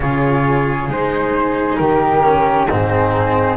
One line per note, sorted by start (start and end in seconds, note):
0.00 0.88 C#3
0.00 0.89 F4
0.00 1.79 G#4
0.00 0.89 C#5
0.88 1.78 G#3
0.88 2.22 D#4
0.88 1.76 C5
1.76 2.68 D#3
1.76 2.67 G4
1.76 2.66 A#4
2.22 2.67 C#4
2.67 3.56 G#2
2.67 3.56 C4
2.67 3.56 D#4
2.67 3.56 G#4